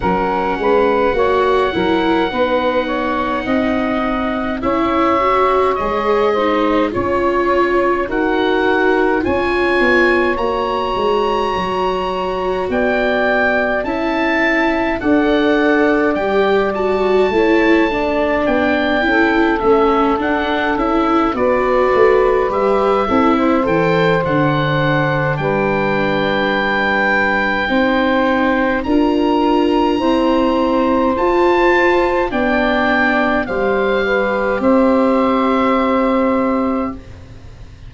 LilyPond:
<<
  \new Staff \with { instrumentName = "oboe" } { \time 4/4 \tempo 4 = 52 fis''1 | e''4 dis''4 cis''4 fis''4 | gis''4 ais''2 g''4 | a''4 fis''4 g''8 a''4. |
g''4 e''8 fis''8 e''8 d''4 e''8~ | e''8 g''8 fis''4 g''2~ | g''4 ais''2 a''4 | g''4 f''4 e''2 | }
  \new Staff \with { instrumentName = "saxophone" } { \time 4/4 ais'8 b'8 cis''8 ais'8 b'8 cis''8 dis''4 | cis''4. c''8 cis''4 ais'4 | cis''2. d''4 | e''4 d''2 cis''8 d''8~ |
d''8 a'2 b'4. | a'16 c''4.~ c''16 b'2 | c''4 ais'4 c''2 | d''4 c''8 b'8 c''2 | }
  \new Staff \with { instrumentName = "viola" } { \time 4/4 cis'4 fis'8 e'8 dis'2 | e'8 fis'8 gis'8 dis'8 f'4 fis'4 | f'4 fis'2. | e'4 a'4 g'8 fis'8 e'8 d'8~ |
d'8 e'8 cis'8 d'8 e'8 fis'4 g'8 | e'8 a'8 d'2. | dis'4 f'4 c'4 f'4 | d'4 g'2. | }
  \new Staff \with { instrumentName = "tuba" } { \time 4/4 fis8 gis8 ais8 fis8 b4 c'4 | cis'4 gis4 cis'4 dis'4 | cis'8 b8 ais8 gis8 fis4 b4 | cis'4 d'4 g4 a4 |
b8 cis'8 a8 d'8 cis'8 b8 a8 g8 | c'8 e8 d4 g2 | c'4 d'4 e'4 f'4 | b4 g4 c'2 | }
>>